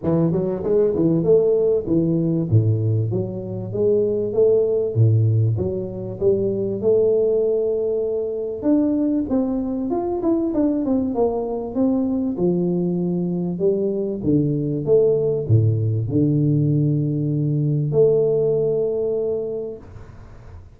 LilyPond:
\new Staff \with { instrumentName = "tuba" } { \time 4/4 \tempo 4 = 97 e8 fis8 gis8 e8 a4 e4 | a,4 fis4 gis4 a4 | a,4 fis4 g4 a4~ | a2 d'4 c'4 |
f'8 e'8 d'8 c'8 ais4 c'4 | f2 g4 d4 | a4 a,4 d2~ | d4 a2. | }